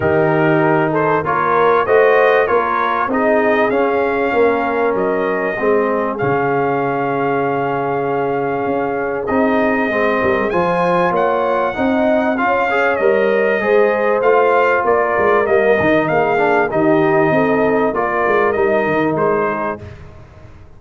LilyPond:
<<
  \new Staff \with { instrumentName = "trumpet" } { \time 4/4 \tempo 4 = 97 ais'4. c''8 cis''4 dis''4 | cis''4 dis''4 f''2 | dis''2 f''2~ | f''2. dis''4~ |
dis''4 gis''4 fis''2 | f''4 dis''2 f''4 | d''4 dis''4 f''4 dis''4~ | dis''4 d''4 dis''4 c''4 | }
  \new Staff \with { instrumentName = "horn" } { \time 4/4 g'4. a'8 ais'4 c''4 | ais'4 gis'2 ais'4~ | ais'4 gis'2.~ | gis'1~ |
gis'8 ais'8 c''4 cis''4 dis''4 | cis''2 c''2 | ais'2 gis'4 g'4 | a'4 ais'2~ ais'8 gis'8 | }
  \new Staff \with { instrumentName = "trombone" } { \time 4/4 dis'2 f'4 fis'4 | f'4 dis'4 cis'2~ | cis'4 c'4 cis'2~ | cis'2. dis'4 |
c'4 f'2 dis'4 | f'8 gis'8 ais'4 gis'4 f'4~ | f'4 ais8 dis'4 d'8 dis'4~ | dis'4 f'4 dis'2 | }
  \new Staff \with { instrumentName = "tuba" } { \time 4/4 dis2 ais4 a4 | ais4 c'4 cis'4 ais4 | fis4 gis4 cis2~ | cis2 cis'4 c'4 |
gis8 g16 gis16 f4 ais4 c'4 | cis'4 g4 gis4 a4 | ais8 gis8 g8 dis8 ais4 dis4 | c'4 ais8 gis8 g8 dis8 gis4 | }
>>